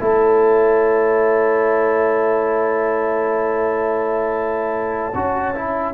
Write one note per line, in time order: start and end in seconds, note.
0.00 5.14 A3
0.00 5.13 E4
0.00 5.94 C#5
0.00 5.93 A5
5.15 5.94 C#4
5.15 5.54 F#4
5.55 5.94 E4